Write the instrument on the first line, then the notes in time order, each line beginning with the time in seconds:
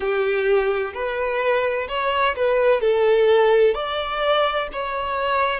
violin
0.00 G4
0.93 B4
1.88 C#5
2.36 B4
2.80 A4
3.74 D5
4.72 C#5